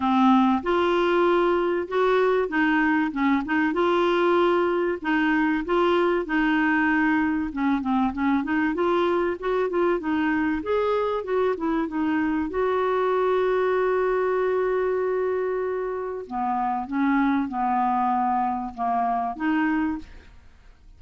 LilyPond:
\new Staff \with { instrumentName = "clarinet" } { \time 4/4 \tempo 4 = 96 c'4 f'2 fis'4 | dis'4 cis'8 dis'8 f'2 | dis'4 f'4 dis'2 | cis'8 c'8 cis'8 dis'8 f'4 fis'8 f'8 |
dis'4 gis'4 fis'8 e'8 dis'4 | fis'1~ | fis'2 b4 cis'4 | b2 ais4 dis'4 | }